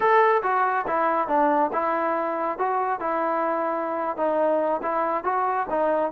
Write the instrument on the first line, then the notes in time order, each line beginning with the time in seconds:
trombone
0.00 A4
0.42 F#4
0.87 E4
1.28 D4
1.73 E4
2.58 F#4
3.00 E4
4.16 D#4
4.82 E4
5.23 F#4
5.70 D#4